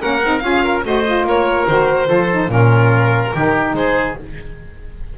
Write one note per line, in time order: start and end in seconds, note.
0.00 0.24 A#3
0.00 0.21 C#4
0.00 0.43 A#4
0.00 0.39 F#5
0.24 0.42 C4
0.24 0.42 D#4
0.39 0.84 C#4
0.39 0.83 F4
0.39 0.81 F5
0.45 0.64 G#4
0.64 0.85 A#4
0.84 1.25 A3
0.84 1.05 F#4
0.84 1.28 C5
0.84 1.28 D#5
1.05 1.67 F4
1.25 1.66 A#3
1.25 2.09 A#4
1.25 1.68 C#5
1.68 2.10 D#3
1.68 2.07 F#4
1.68 2.50 C5
2.07 2.49 F3
2.07 2.27 F4
2.07 2.50 A4
2.31 2.49 D#4
2.49 3.31 A#2
2.49 3.32 C#4
2.49 3.35 F4
2.49 3.74 A#4
3.35 3.73 D#3
3.35 4.19 D#4
3.35 3.76 G4
3.73 4.15 G#3
3.73 4.19 G#4
3.73 4.17 C5